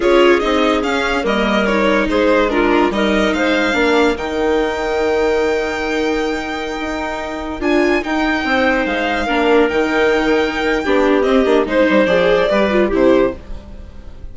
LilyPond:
<<
  \new Staff \with { instrumentName = "violin" } { \time 4/4 \tempo 4 = 144 cis''4 dis''4 f''4 dis''4 | cis''4 c''4 ais'4 dis''4 | f''2 g''2~ | g''1~ |
g''2~ g''16 gis''4 g''8.~ | g''4~ g''16 f''2 g''8.~ | g''2. dis''4 | c''4 d''2 c''4 | }
  \new Staff \with { instrumentName = "clarinet" } { \time 4/4 gis'2. ais'4~ | ais'4 gis'4 f'4 ais'4 | c''4 ais'2.~ | ais'1~ |
ais'1~ | ais'16 c''2 ais'4.~ ais'16~ | ais'2 g'2 | c''2 b'4 g'4 | }
  \new Staff \with { instrumentName = "viola" } { \time 4/4 f'4 dis'4 cis'4 ais4 | dis'2 d'4 dis'4~ | dis'4 d'4 dis'2~ | dis'1~ |
dis'2~ dis'16 f'4 dis'8.~ | dis'2~ dis'16 d'4 dis'8.~ | dis'2 d'4 c'8 d'8 | dis'4 gis'4 g'8 f'8 e'4 | }
  \new Staff \with { instrumentName = "bassoon" } { \time 4/4 cis'4 c'4 cis'4 g4~ | g4 gis2 g4 | gis4 ais4 dis2~ | dis1~ |
dis16 dis'2 d'4 dis'8.~ | dis'16 c'4 gis4 ais4 dis8.~ | dis2 b4 c'8 ais8 | gis8 g8 f4 g4 c4 | }
>>